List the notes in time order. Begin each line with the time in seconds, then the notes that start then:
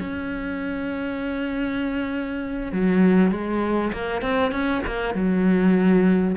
0.00 C#4
2.72 F#3
3.31 G#3
3.93 A#3
4.22 C4
4.52 C#4
4.87 A#3
5.15 F#3